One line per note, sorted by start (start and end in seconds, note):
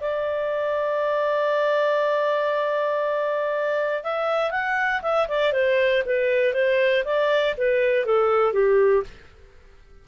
0.00 4.03 D5
4.03 4.51 E5
4.51 5.01 F#5
5.02 5.27 E5
5.28 5.52 D5
5.52 6.03 C5
6.05 6.53 B4
6.53 7.04 C5
7.05 7.55 D5
7.57 8.05 B4
8.05 8.53 A4
8.53 9.03 G4